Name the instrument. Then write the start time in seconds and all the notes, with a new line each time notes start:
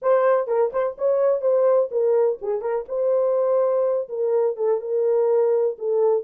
horn
0.01 C5
0.47 A#4
0.72 C5
0.98 C#5
1.41 C5
1.91 A#4
2.41 G#4
2.61 A#4
2.88 C5
4.08 A#4
4.56 A4
4.80 A#4
5.78 A4